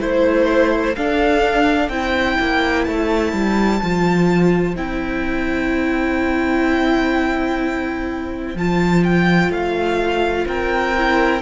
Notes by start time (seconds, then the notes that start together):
0.00 A3 E4 C5
0.96 D4 A4 F5
1.89 C4 E4 C5 G5
2.40 A#3
2.85 A3 A5
3.33 G3
3.83 F3 F4
4.76 C4 E4 G5
8.55 F3 F4 A5
9.04 G5
9.50 A3 F5
10.48 C4 A#4 G5
10.97 E4